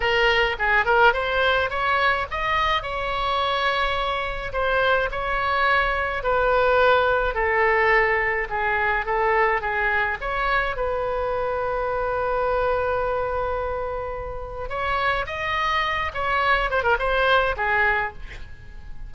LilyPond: \new Staff \with { instrumentName = "oboe" } { \time 4/4 \tempo 4 = 106 ais'4 gis'8 ais'8 c''4 cis''4 | dis''4 cis''2. | c''4 cis''2 b'4~ | b'4 a'2 gis'4 |
a'4 gis'4 cis''4 b'4~ | b'1~ | b'2 cis''4 dis''4~ | dis''8 cis''4 c''16 ais'16 c''4 gis'4 | }